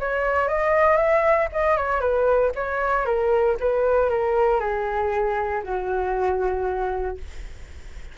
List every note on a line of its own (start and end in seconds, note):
0.00 0.48 C#5
0.48 0.97 D#5
0.97 1.48 E5
1.53 1.77 D#5
1.77 2.00 C#5
2.00 2.52 B4
2.55 3.06 C#5
3.06 3.57 A#4
3.60 4.10 B4
4.10 4.60 A#4
4.60 5.63 G#4
5.64 7.18 F#4